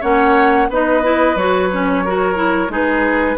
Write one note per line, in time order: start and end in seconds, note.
0.00 0.68 A#3
0.00 0.69 C#4
0.00 0.67 C#5
0.00 0.69 F#5
0.68 1.35 B3
0.68 1.03 D#4
0.68 2.04 B4
0.68 1.37 D#5
1.03 1.36 E4
1.35 2.68 F#3
1.35 1.71 F#4
1.35 2.72 C#5
1.71 2.05 C#4
2.04 2.35 F#4
2.04 2.71 A#4
2.35 2.69 E4
2.68 3.36 G#3
2.68 3.36 D#4
2.68 3.38 G#4
2.68 3.38 B4